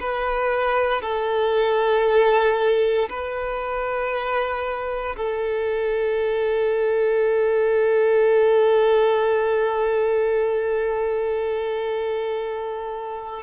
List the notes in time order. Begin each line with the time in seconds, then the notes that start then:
0.00 B4
1.02 A4
3.09 B4
5.17 A4